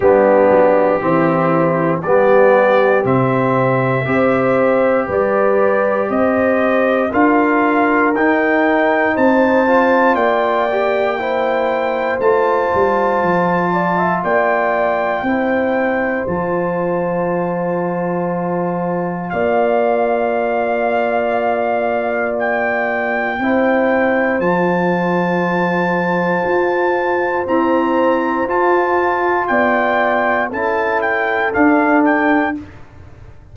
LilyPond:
<<
  \new Staff \with { instrumentName = "trumpet" } { \time 4/4 \tempo 4 = 59 g'2 d''4 e''4~ | e''4 d''4 dis''4 f''4 | g''4 a''4 g''2 | a''2 g''2 |
a''2. f''4~ | f''2 g''2 | a''2. ais''4 | a''4 g''4 a''8 g''8 f''8 g''8 | }
  \new Staff \with { instrumentName = "horn" } { \time 4/4 d'4 e'4 g'2 | c''4 b'4 c''4 ais'4~ | ais'4 c''4 d''4 c''4~ | c''4. d''16 e''16 d''4 c''4~ |
c''2. d''4~ | d''2. c''4~ | c''1~ | c''4 d''4 a'2 | }
  \new Staff \with { instrumentName = "trombone" } { \time 4/4 b4 c'4 b4 c'4 | g'2. f'4 | dis'4. f'4 g'8 e'4 | f'2. e'4 |
f'1~ | f'2. e'4 | f'2. c'4 | f'2 e'4 d'4 | }
  \new Staff \with { instrumentName = "tuba" } { \time 4/4 g8 fis8 e4 g4 c4 | c'4 g4 c'4 d'4 | dis'4 c'4 ais2 | a8 g8 f4 ais4 c'4 |
f2. ais4~ | ais2. c'4 | f2 f'4 e'4 | f'4 b4 cis'4 d'4 | }
>>